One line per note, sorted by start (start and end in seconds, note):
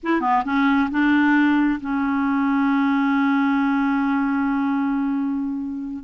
0.03 0.20 E4
0.20 0.43 B3
0.44 0.89 C#4
0.90 1.80 D4
1.80 6.03 C#4